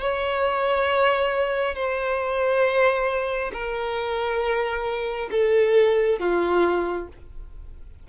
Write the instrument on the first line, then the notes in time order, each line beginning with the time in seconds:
violin
0.00 C#5
1.75 C5
3.53 A#4
5.31 A4
6.19 F4